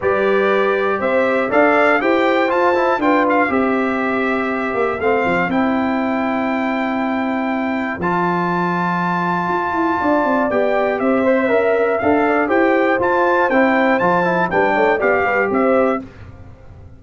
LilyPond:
<<
  \new Staff \with { instrumentName = "trumpet" } { \time 4/4 \tempo 4 = 120 d''2 e''4 f''4 | g''4 a''4 g''8 f''8 e''4~ | e''2 f''4 g''4~ | g''1 |
a''1~ | a''4 g''4 e''2 | f''4 g''4 a''4 g''4 | a''4 g''4 f''4 e''4 | }
  \new Staff \with { instrumentName = "horn" } { \time 4/4 b'2 c''4 d''4 | c''2 b'4 c''4~ | c''1~ | c''1~ |
c''1 | d''2 c''4 e''4~ | e''8 d''8 c''2.~ | c''4 b'8 cis''8 d''8 b'8 c''4 | }
  \new Staff \with { instrumentName = "trombone" } { \time 4/4 g'2. a'4 | g'4 f'8 e'8 f'4 g'4~ | g'2 c'4 e'4~ | e'1 |
f'1~ | f'4 g'4. c''8 ais'4 | a'4 g'4 f'4 e'4 | f'8 e'8 d'4 g'2 | }
  \new Staff \with { instrumentName = "tuba" } { \time 4/4 g2 c'4 d'4 | e'4 f'4 d'4 c'4~ | c'4. ais8 a8 f8 c'4~ | c'1 |
f2. f'8 e'8 | d'8 c'8 b4 c'4 cis'4 | d'4 e'4 f'4 c'4 | f4 g8 a8 b8 g8 c'4 | }
>>